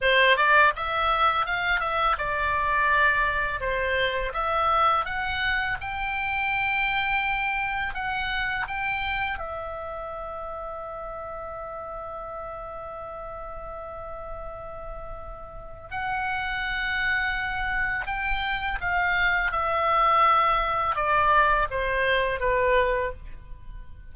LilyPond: \new Staff \with { instrumentName = "oboe" } { \time 4/4 \tempo 4 = 83 c''8 d''8 e''4 f''8 e''8 d''4~ | d''4 c''4 e''4 fis''4 | g''2. fis''4 | g''4 e''2.~ |
e''1~ | e''2 fis''2~ | fis''4 g''4 f''4 e''4~ | e''4 d''4 c''4 b'4 | }